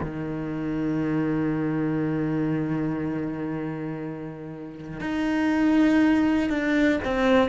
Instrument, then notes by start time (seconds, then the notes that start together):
cello
0.00 D#3
5.00 D#4
6.49 D4
7.04 C4